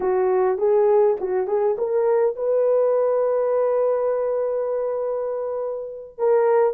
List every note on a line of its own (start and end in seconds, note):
0.00 0.57 F#4
0.57 1.16 G#4
1.20 1.47 F#4
1.47 1.76 G#4
1.78 2.35 A#4
2.35 6.18 B4
6.18 6.74 A#4